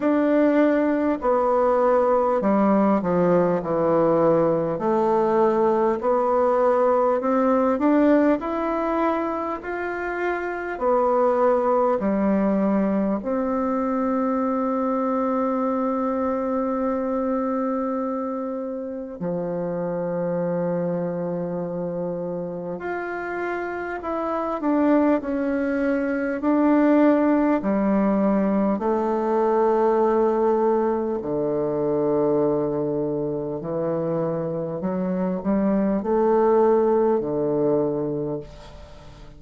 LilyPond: \new Staff \with { instrumentName = "bassoon" } { \time 4/4 \tempo 4 = 50 d'4 b4 g8 f8 e4 | a4 b4 c'8 d'8 e'4 | f'4 b4 g4 c'4~ | c'1 |
f2. f'4 | e'8 d'8 cis'4 d'4 g4 | a2 d2 | e4 fis8 g8 a4 d4 | }